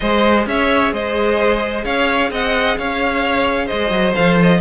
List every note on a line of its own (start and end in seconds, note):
0.00 0.46 G#3
0.00 4.15 G#4
0.00 0.47 C5
0.00 0.45 D#5
0.46 0.92 C#4
0.46 0.93 C#5
0.46 0.93 E5
0.92 1.84 G#3
0.92 1.84 C5
0.92 1.84 D#5
1.84 2.31 C#4
1.84 2.30 C#5
1.84 2.30 F5
2.31 2.77 C4
2.31 2.77 D#5
2.31 2.78 F#5
2.77 3.70 C#4
2.77 3.66 C#5
2.77 3.67 F5
3.66 3.90 G#3
3.66 4.58 C5
3.66 4.13 D#5
3.90 4.13 F#3
4.15 4.60 F3
4.15 4.60 A4
4.15 4.38 F5
4.42 4.60 D#5